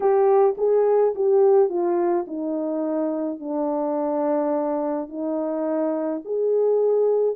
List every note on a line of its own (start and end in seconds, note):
0.00 0.55 G4
0.57 1.14 G#4
1.15 1.69 G4
1.69 2.25 F4
2.27 3.39 D#4
3.39 5.08 D4
5.08 6.21 D#4
6.24 7.35 G#4